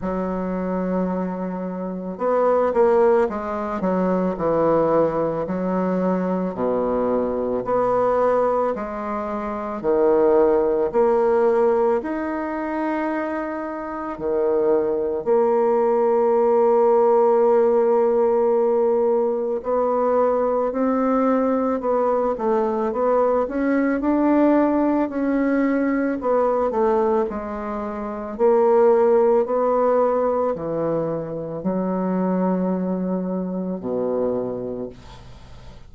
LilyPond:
\new Staff \with { instrumentName = "bassoon" } { \time 4/4 \tempo 4 = 55 fis2 b8 ais8 gis8 fis8 | e4 fis4 b,4 b4 | gis4 dis4 ais4 dis'4~ | dis'4 dis4 ais2~ |
ais2 b4 c'4 | b8 a8 b8 cis'8 d'4 cis'4 | b8 a8 gis4 ais4 b4 | e4 fis2 b,4 | }